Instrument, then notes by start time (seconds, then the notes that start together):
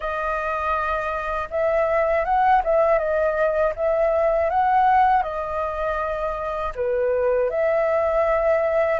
flute
0.00 D#5
1.50 E5
2.24 F#5
2.64 E5
2.98 D#5
3.75 E5
4.50 F#5
5.23 D#5
6.75 B4
7.50 E5